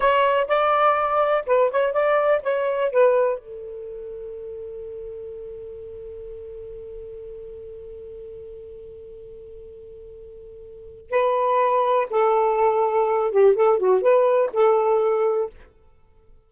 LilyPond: \new Staff \with { instrumentName = "saxophone" } { \time 4/4 \tempo 4 = 124 cis''4 d''2 b'8 cis''8 | d''4 cis''4 b'4 a'4~ | a'1~ | a'1~ |
a'1~ | a'2. b'4~ | b'4 a'2~ a'8 g'8 | a'8 fis'8 b'4 a'2 | }